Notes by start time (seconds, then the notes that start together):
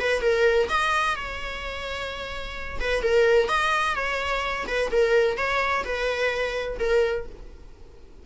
0.00 B4
0.22 A#4
0.69 D#5
1.16 C#5
2.81 B4
3.03 A#4
3.49 D#5
3.96 C#5
4.67 B4
4.92 A#4
5.38 C#5
5.85 B4
6.79 A#4